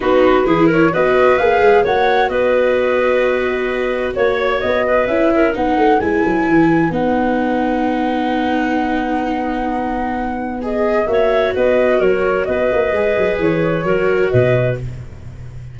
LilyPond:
<<
  \new Staff \with { instrumentName = "flute" } { \time 4/4 \tempo 4 = 130 b'4. cis''8 dis''4 f''4 | fis''4 dis''2.~ | dis''4 cis''4 dis''4 e''4 | fis''4 gis''2 fis''4~ |
fis''1~ | fis''2. dis''4 | e''4 dis''4 cis''4 dis''4~ | dis''4 cis''2 dis''4 | }
  \new Staff \with { instrumentName = "clarinet" } { \time 4/4 fis'4 gis'8 ais'8 b'2 | cis''4 b'2.~ | b'4 cis''4. b'4 ais'8 | b'1~ |
b'1~ | b'1 | cis''4 b'4 ais'4 b'4~ | b'2 ais'4 b'4 | }
  \new Staff \with { instrumentName = "viola" } { \time 4/4 dis'4 e'4 fis'4 gis'4 | fis'1~ | fis'2. e'4 | dis'4 e'2 dis'4~ |
dis'1~ | dis'2. gis'4 | fis'1 | gis'2 fis'2 | }
  \new Staff \with { instrumentName = "tuba" } { \time 4/4 b4 e4 b4 ais8 gis8 | ais4 b2.~ | b4 ais4 b4 cis'4 | b8 a8 gis8 fis8 e4 b4~ |
b1~ | b1 | ais4 b4 fis4 b8 ais8 | gis8 fis8 e4 fis4 b,4 | }
>>